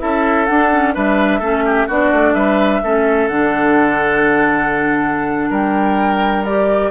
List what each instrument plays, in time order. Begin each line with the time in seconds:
0.00 bassoon C#4, clarinet E4, oboe A4, flute E5
0.46 clarinet D4, bassoon D4, flute F#5
0.72 clarinet C#4
0.94 bassoon G3, clarinet D4, oboe B4, flute E5
1.40 bassoon A3, clarinet C#4, oboe A4
1.66 oboe G4
1.88 bassoon B3, clarinet D4, oboe F#4, flute D5
2.13 bassoon A3
2.34 bassoon G3, oboe B4, flute E5
2.84 bassoon A3, clarinet C#4, oboe A4
3.28 bassoon D3, clarinet D4, flute F#5
5.50 bassoon G3, oboe A#4, flute G5
6.45 clarinet G4, flute D5